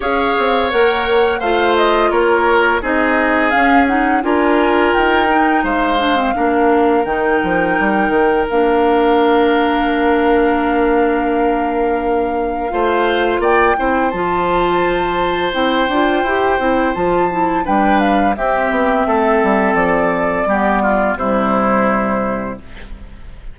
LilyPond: <<
  \new Staff \with { instrumentName = "flute" } { \time 4/4 \tempo 4 = 85 f''4 fis''4 f''8 dis''8 cis''4 | dis''4 f''8 fis''8 gis''4 g''4 | f''2 g''2 | f''1~ |
f''2. g''4 | a''2 g''2 | a''4 g''8 f''8 e''2 | d''2 c''2 | }
  \new Staff \with { instrumentName = "oboe" } { \time 4/4 cis''2 c''4 ais'4 | gis'2 ais'2 | c''4 ais'2.~ | ais'1~ |
ais'2 c''4 d''8 c''8~ | c''1~ | c''4 b'4 g'4 a'4~ | a'4 g'8 f'8 e'2 | }
  \new Staff \with { instrumentName = "clarinet" } { \time 4/4 gis'4 ais'4 f'2 | dis'4 cis'8 dis'8 f'4. dis'8~ | dis'8 d'16 c'16 d'4 dis'2 | d'1~ |
d'2 f'4. e'8 | f'2 e'8 f'8 g'8 e'8 | f'8 e'8 d'4 c'2~ | c'4 b4 g2 | }
  \new Staff \with { instrumentName = "bassoon" } { \time 4/4 cis'8 c'8 ais4 a4 ais4 | c'4 cis'4 d'4 dis'4 | gis4 ais4 dis8 f8 g8 dis8 | ais1~ |
ais2 a4 ais8 c'8 | f2 c'8 d'8 e'8 c'8 | f4 g4 c'8 b8 a8 g8 | f4 g4 c2 | }
>>